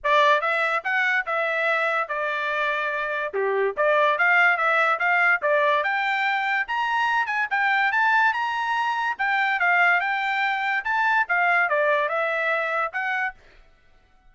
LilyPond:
\new Staff \with { instrumentName = "trumpet" } { \time 4/4 \tempo 4 = 144 d''4 e''4 fis''4 e''4~ | e''4 d''2. | g'4 d''4 f''4 e''4 | f''4 d''4 g''2 |
ais''4. gis''8 g''4 a''4 | ais''2 g''4 f''4 | g''2 a''4 f''4 | d''4 e''2 fis''4 | }